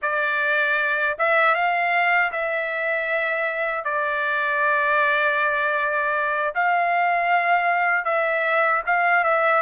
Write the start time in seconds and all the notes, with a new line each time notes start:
0.01 D5
1.18 E5
1.54 F5
2.32 E5
3.84 D5
6.55 F5
8.05 E5
8.86 F5
9.23 E5